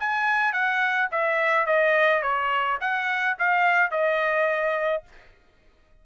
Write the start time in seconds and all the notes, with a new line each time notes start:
0.00 G#5
0.53 F#5
1.12 E5
1.66 D#5
2.22 C#5
2.81 F#5
3.38 F5
3.91 D#5